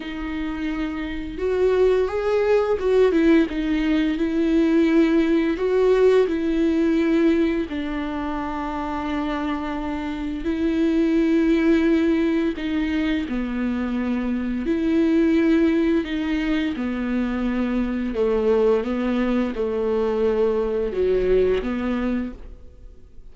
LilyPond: \new Staff \with { instrumentName = "viola" } { \time 4/4 \tempo 4 = 86 dis'2 fis'4 gis'4 | fis'8 e'8 dis'4 e'2 | fis'4 e'2 d'4~ | d'2. e'4~ |
e'2 dis'4 b4~ | b4 e'2 dis'4 | b2 a4 b4 | a2 fis4 b4 | }